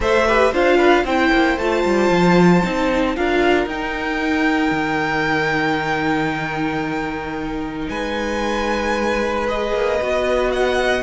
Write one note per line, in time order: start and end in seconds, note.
0.00 0.51 A3
0.00 0.27 A4
0.00 0.27 C5
0.00 0.53 E5
0.27 0.53 G4
0.27 0.51 B4
0.51 1.04 D4
0.51 1.06 F4
0.51 0.76 C5
0.51 1.05 F5
0.76 1.03 B4
1.04 1.30 C4
1.04 1.59 E4
1.04 3.15 C5
1.04 1.58 G5
1.32 1.57 A#3
1.57 1.84 A3
1.57 2.63 F4
1.57 3.15 A5
1.85 2.10 G3
2.10 2.62 F3
2.63 3.16 C4
2.63 3.15 D#4
3.15 3.66 D4
3.15 3.68 F4
3.15 7.89 A#4
3.15 3.67 F5
3.66 4.71 D#4
3.66 9.47 D#4
3.66 7.88 G5
4.71 7.87 D#3
7.88 9.72 G#3
7.88 10.52 B4
7.88 9.46 G#5
9.47 10.00 G#4
9.47 10.51 D#5
9.72 9.98 A#3
10.01 11.03 B3
10.01 11.03 F#4
10.51 11.03 D#5
10.51 11.03 F#5